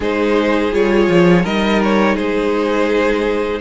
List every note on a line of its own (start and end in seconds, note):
0.00 0.72 G#3
0.00 0.71 D#4
0.00 1.43 G#4
0.00 0.73 C5
0.71 1.08 G3
0.71 1.43 F4
0.71 1.45 C#5
1.08 1.44 F3
1.43 2.16 G3
1.43 3.60 D#4
1.43 2.15 A#4
1.43 1.81 D#5
1.83 2.16 C#5
2.15 3.60 G#3
2.15 3.59 G#4
2.15 3.60 C5